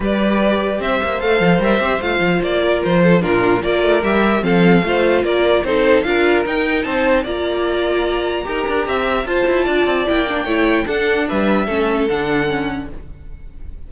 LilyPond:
<<
  \new Staff \with { instrumentName = "violin" } { \time 4/4 \tempo 4 = 149 d''2 e''4 f''4 | e''4 f''4 d''4 c''4 | ais'4 d''4 e''4 f''4~ | f''4 d''4 c''4 f''4 |
g''4 a''4 ais''2~ | ais''2. a''4~ | a''4 g''2 fis''4 | e''2 fis''2 | }
  \new Staff \with { instrumentName = "violin" } { \time 4/4 b'2 c''2~ | c''2~ c''8 ais'4 a'8 | f'4 ais'2 a'4 | c''4 ais'4 a'4 ais'4~ |
ais'4 c''4 d''2~ | d''4 ais'4 e''4 c''4 | d''2 cis''4 a'4 | b'4 a'2. | }
  \new Staff \with { instrumentName = "viola" } { \time 4/4 g'2. a'4 | ais'8 g'8 f'2. | d'4 f'4 g'4 c'4 | f'2 dis'4 f'4 |
dis'2 f'2~ | f'4 g'2 f'4~ | f'4 e'8 d'8 e'4 d'4~ | d'4 cis'4 d'4 cis'4 | }
  \new Staff \with { instrumentName = "cello" } { \time 4/4 g2 c'8 ais8 a8 f8 | g8 c'8 a8 f8 ais4 f4 | ais,4 ais8 a8 g4 f4 | a4 ais4 c'4 d'4 |
dis'4 c'4 ais2~ | ais4 dis'8 d'8 c'4 f'8 e'8 | d'8 c'8 ais4 a4 d'4 | g4 a4 d2 | }
>>